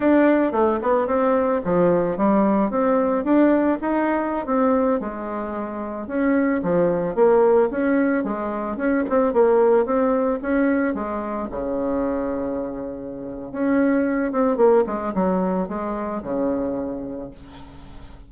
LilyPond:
\new Staff \with { instrumentName = "bassoon" } { \time 4/4 \tempo 4 = 111 d'4 a8 b8 c'4 f4 | g4 c'4 d'4 dis'4~ | dis'16 c'4 gis2 cis'8.~ | cis'16 f4 ais4 cis'4 gis8.~ |
gis16 cis'8 c'8 ais4 c'4 cis'8.~ | cis'16 gis4 cis2~ cis8.~ | cis4 cis'4. c'8 ais8 gis8 | fis4 gis4 cis2 | }